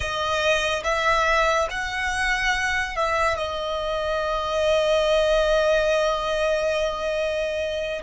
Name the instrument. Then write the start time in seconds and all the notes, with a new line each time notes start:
violin
0.00 D#5
0.83 E5
1.70 F#5
2.96 E5
3.37 D#5